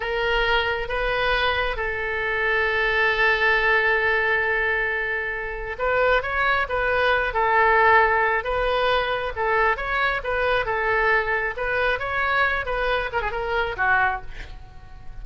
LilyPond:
\new Staff \with { instrumentName = "oboe" } { \time 4/4 \tempo 4 = 135 ais'2 b'2 | a'1~ | a'1~ | a'4 b'4 cis''4 b'4~ |
b'8 a'2~ a'8 b'4~ | b'4 a'4 cis''4 b'4 | a'2 b'4 cis''4~ | cis''8 b'4 ais'16 gis'16 ais'4 fis'4 | }